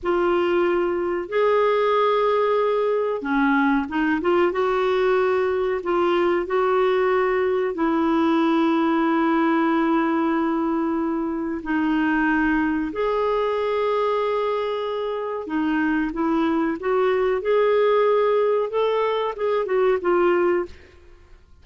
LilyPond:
\new Staff \with { instrumentName = "clarinet" } { \time 4/4 \tempo 4 = 93 f'2 gis'2~ | gis'4 cis'4 dis'8 f'8 fis'4~ | fis'4 f'4 fis'2 | e'1~ |
e'2 dis'2 | gis'1 | dis'4 e'4 fis'4 gis'4~ | gis'4 a'4 gis'8 fis'8 f'4 | }